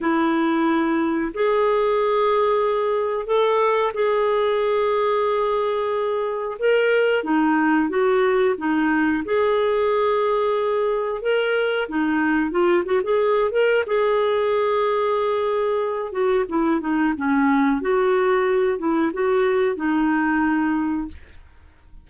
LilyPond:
\new Staff \with { instrumentName = "clarinet" } { \time 4/4 \tempo 4 = 91 e'2 gis'2~ | gis'4 a'4 gis'2~ | gis'2 ais'4 dis'4 | fis'4 dis'4 gis'2~ |
gis'4 ais'4 dis'4 f'8 fis'16 gis'16~ | gis'8 ais'8 gis'2.~ | gis'8 fis'8 e'8 dis'8 cis'4 fis'4~ | fis'8 e'8 fis'4 dis'2 | }